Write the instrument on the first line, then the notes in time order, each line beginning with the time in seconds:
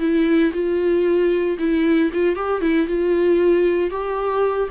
viola
0.00 E4
0.53 F4
1.59 E4
2.13 F4
2.36 G4
2.61 E4
2.87 F4
3.91 G4